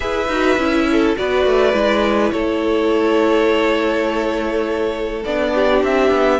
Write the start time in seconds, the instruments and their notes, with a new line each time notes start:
0.00 cello E4, viola G#4, violin B4 E5
0.27 cello D#4, viola F#4
0.57 cello C#4, viola E4
0.91 violin A4
1.16 cello B3, viola F#4, violin B4 D5
1.45 cello A3
1.73 cello G#3, viola E4
2.31 cello A3, violin A4 C#5
5.25 cello B3, viola D4, violin D5
5.54 violin G4
5.82 cello C4, violin E5
6.10 cello B3